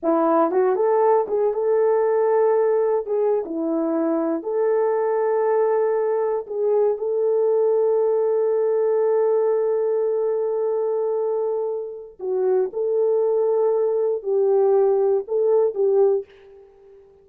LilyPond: \new Staff \with { instrumentName = "horn" } { \time 4/4 \tempo 4 = 118 e'4 fis'8 a'4 gis'8 a'4~ | a'2 gis'8. e'4~ e'16~ | e'8. a'2.~ a'16~ | a'8. gis'4 a'2~ a'16~ |
a'1~ | a'1 | fis'4 a'2. | g'2 a'4 g'4 | }